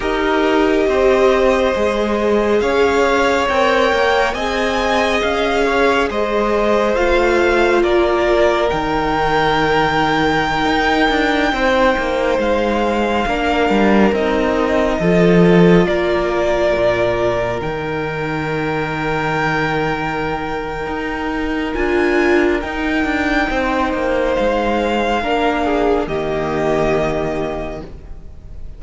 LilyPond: <<
  \new Staff \with { instrumentName = "violin" } { \time 4/4 \tempo 4 = 69 dis''2. f''4 | g''4 gis''4 f''4 dis''4 | f''4 d''4 g''2~ | g''2~ g''16 f''4.~ f''16~ |
f''16 dis''2 d''4.~ d''16~ | d''16 g''2.~ g''8.~ | g''4 gis''4 g''2 | f''2 dis''2 | }
  \new Staff \with { instrumentName = "violin" } { \time 4/4 ais'4 c''2 cis''4~ | cis''4 dis''4. cis''8 c''4~ | c''4 ais'2.~ | ais'4~ ais'16 c''2 ais'8.~ |
ais'4~ ais'16 a'4 ais'4.~ ais'16~ | ais'1~ | ais'2. c''4~ | c''4 ais'8 gis'8 g'2 | }
  \new Staff \with { instrumentName = "viola" } { \time 4/4 g'2 gis'2 | ais'4 gis'2. | f'2 dis'2~ | dis'2.~ dis'16 d'8.~ |
d'16 dis'4 f'2~ f'8.~ | f'16 dis'2.~ dis'8.~ | dis'4 f'4 dis'2~ | dis'4 d'4 ais2 | }
  \new Staff \with { instrumentName = "cello" } { \time 4/4 dis'4 c'4 gis4 cis'4 | c'8 ais8 c'4 cis'4 gis4 | a4 ais4 dis2~ | dis16 dis'8 d'8 c'8 ais8 gis4 ais8 g16~ |
g16 c'4 f4 ais4 ais,8.~ | ais,16 dis2.~ dis8. | dis'4 d'4 dis'8 d'8 c'8 ais8 | gis4 ais4 dis2 | }
>>